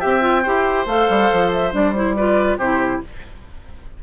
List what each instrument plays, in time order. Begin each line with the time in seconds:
0.00 bassoon C4, clarinet G4, oboe E5, flute G5
0.21 clarinet F4
0.43 bassoon E4, clarinet G4, oboe C5
0.86 bassoon A3, clarinet A4, flute F5
1.09 bassoon G3
1.32 bassoon F3
1.53 flute E5
1.71 bassoon G3, clarinet D4, flute D5
1.94 clarinet E4, flute C5
2.15 clarinet F4, oboe B4, flute D5
2.58 bassoon C3, clarinet E4, oboe G4, flute C5